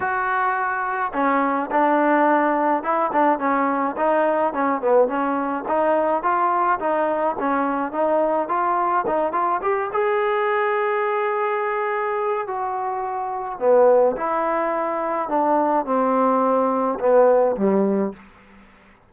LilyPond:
\new Staff \with { instrumentName = "trombone" } { \time 4/4 \tempo 4 = 106 fis'2 cis'4 d'4~ | d'4 e'8 d'8 cis'4 dis'4 | cis'8 b8 cis'4 dis'4 f'4 | dis'4 cis'4 dis'4 f'4 |
dis'8 f'8 g'8 gis'2~ gis'8~ | gis'2 fis'2 | b4 e'2 d'4 | c'2 b4 g4 | }